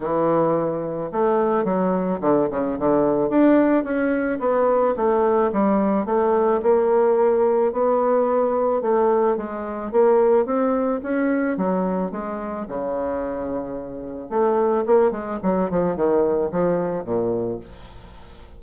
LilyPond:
\new Staff \with { instrumentName = "bassoon" } { \time 4/4 \tempo 4 = 109 e2 a4 fis4 | d8 cis8 d4 d'4 cis'4 | b4 a4 g4 a4 | ais2 b2 |
a4 gis4 ais4 c'4 | cis'4 fis4 gis4 cis4~ | cis2 a4 ais8 gis8 | fis8 f8 dis4 f4 ais,4 | }